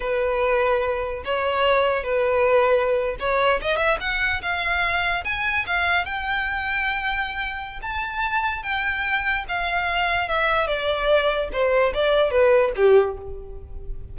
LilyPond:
\new Staff \with { instrumentName = "violin" } { \time 4/4 \tempo 4 = 146 b'2. cis''4~ | cis''4 b'2~ b'8. cis''16~ | cis''8. dis''8 e''8 fis''4 f''4~ f''16~ | f''8. gis''4 f''4 g''4~ g''16~ |
g''2. a''4~ | a''4 g''2 f''4~ | f''4 e''4 d''2 | c''4 d''4 b'4 g'4 | }